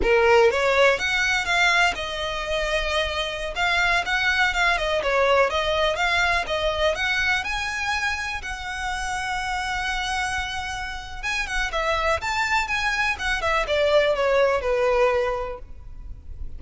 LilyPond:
\new Staff \with { instrumentName = "violin" } { \time 4/4 \tempo 4 = 123 ais'4 cis''4 fis''4 f''4 | dis''2.~ dis''16 f''8.~ | f''16 fis''4 f''8 dis''8 cis''4 dis''8.~ | dis''16 f''4 dis''4 fis''4 gis''8.~ |
gis''4~ gis''16 fis''2~ fis''8.~ | fis''2. gis''8 fis''8 | e''4 a''4 gis''4 fis''8 e''8 | d''4 cis''4 b'2 | }